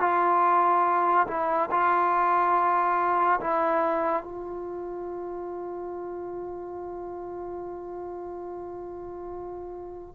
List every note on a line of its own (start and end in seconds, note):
0.00 1.27 F4
1.27 1.69 E4
1.71 3.40 F4
3.40 4.23 E4
4.23 10.15 F4